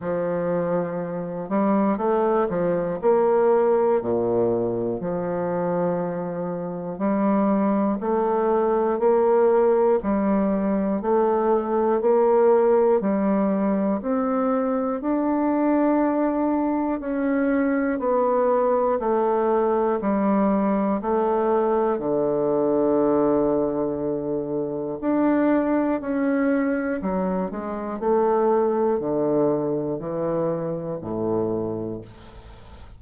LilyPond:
\new Staff \with { instrumentName = "bassoon" } { \time 4/4 \tempo 4 = 60 f4. g8 a8 f8 ais4 | ais,4 f2 g4 | a4 ais4 g4 a4 | ais4 g4 c'4 d'4~ |
d'4 cis'4 b4 a4 | g4 a4 d2~ | d4 d'4 cis'4 fis8 gis8 | a4 d4 e4 a,4 | }